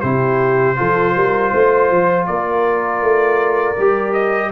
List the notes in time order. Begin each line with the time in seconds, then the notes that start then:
0.00 C3 E4 G4 C5
0.76 F3 F4 A4
1.15 G3 A#4
1.51 A3 C5
1.91 F3
2.26 A#3 A#4 D5
3.01 A3
3.78 G3 G4
4.13 D#5